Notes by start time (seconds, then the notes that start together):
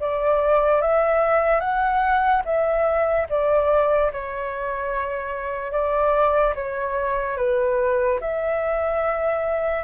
0.00 D5
0.81 E5
1.60 F#5
2.45 E5
3.30 D5
4.12 C#5
5.72 D5
6.55 C#5
7.37 B4
8.20 E5